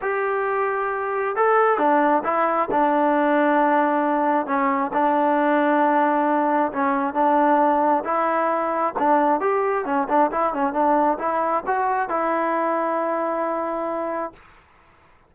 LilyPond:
\new Staff \with { instrumentName = "trombone" } { \time 4/4 \tempo 4 = 134 g'2. a'4 | d'4 e'4 d'2~ | d'2 cis'4 d'4~ | d'2. cis'4 |
d'2 e'2 | d'4 g'4 cis'8 d'8 e'8 cis'8 | d'4 e'4 fis'4 e'4~ | e'1 | }